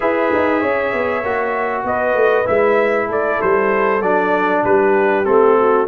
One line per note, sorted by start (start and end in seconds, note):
0.00 0.32 E4
0.00 1.23 G#4
0.00 0.60 B4
0.00 1.84 E5
0.34 0.62 D#4
0.60 0.93 C#4
0.60 1.84 C#5
0.93 1.23 B3
1.23 1.83 A#3
1.23 2.45 F#4
1.83 2.14 B3
1.83 3.07 B4
1.83 2.47 D#5
2.14 2.45 A3
2.45 3.07 G#3
2.45 4.00 E4
2.45 3.09 E5
3.07 3.38 A3
3.07 4.62 A4
3.07 3.41 D5
3.41 4.01 G3
3.41 4.01 C5
4.01 4.63 F#3
4.01 5.24 D4
4.01 4.63 D5
4.63 5.25 G3
4.63 5.58 G4
4.63 5.25 B4
5.24 5.88 A3
5.24 5.86 C4
5.24 5.87 A4
5.58 5.88 F#4